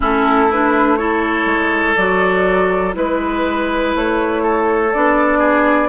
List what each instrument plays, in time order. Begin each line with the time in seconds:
0.00 bassoon A3, clarinet C#4, oboe E4, flute A4
0.51 clarinet D4, flute B4
0.96 clarinet E4, oboe A4, flute C#5
1.45 bassoon G#3
1.95 bassoon F#3, clarinet F#4, flute D5
2.92 bassoon G#3, clarinet E4, flute B4, oboe B4
3.95 bassoon A3, flute C#5
4.42 oboe A4
4.93 bassoon B3, clarinet D4, flute D5
5.38 oboe G#4